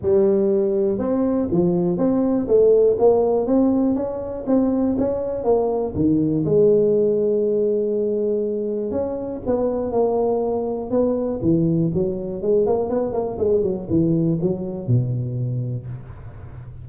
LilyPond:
\new Staff \with { instrumentName = "tuba" } { \time 4/4 \tempo 4 = 121 g2 c'4 f4 | c'4 a4 ais4 c'4 | cis'4 c'4 cis'4 ais4 | dis4 gis2.~ |
gis2 cis'4 b4 | ais2 b4 e4 | fis4 gis8 ais8 b8 ais8 gis8 fis8 | e4 fis4 b,2 | }